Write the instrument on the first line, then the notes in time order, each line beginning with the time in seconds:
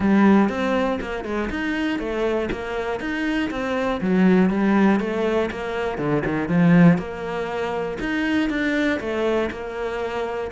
cello
0.00 G3
0.49 C4
1.00 A#3
1.24 G#3
1.50 D#4
1.99 A3
2.51 A#3
3.00 D#4
3.50 C4
4.00 F#3
4.50 G3
5.00 A3
5.50 A#3
5.98 D3
6.25 D#3
6.48 F3
6.97 A#3
8.00 D#4
8.49 D4
9.00 A3
9.50 A#3